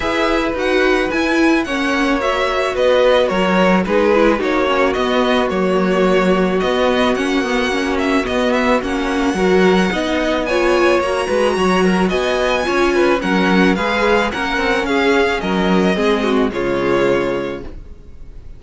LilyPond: <<
  \new Staff \with { instrumentName = "violin" } { \time 4/4 \tempo 4 = 109 e''4 fis''4 gis''4 fis''4 | e''4 dis''4 cis''4 b'4 | cis''4 dis''4 cis''2 | dis''4 fis''4. e''8 dis''8 e''8 |
fis''2. gis''4 | ais''2 gis''2 | fis''4 f''4 fis''4 f''4 | dis''2 cis''2 | }
  \new Staff \with { instrumentName = "violin" } { \time 4/4 b'2. cis''4~ | cis''4 b'4 ais'4 gis'4 | fis'1~ | fis'1~ |
fis'4 ais'4 dis''4 cis''4~ | cis''8 b'8 cis''8 ais'8 dis''4 cis''8 b'8 | ais'4 b'4 ais'4 gis'4 | ais'4 gis'8 fis'8 f'2 | }
  \new Staff \with { instrumentName = "viola" } { \time 4/4 gis'4 fis'4 e'4 cis'4 | fis'2. dis'8 e'8 | dis'8 cis'8 b4 ais2 | b4 cis'8 b8 cis'4 b4 |
cis'4 fis'4 dis'4 f'4 | fis'2. f'4 | cis'4 gis'4 cis'2~ | cis'4 c'4 gis2 | }
  \new Staff \with { instrumentName = "cello" } { \time 4/4 e'4 dis'4 e'4 ais4~ | ais4 b4 fis4 gis4 | ais4 b4 fis2 | b4 ais2 b4 |
ais4 fis4 b2 | ais8 gis8 fis4 b4 cis'4 | fis4 gis4 ais8 c'8 cis'4 | fis4 gis4 cis2 | }
>>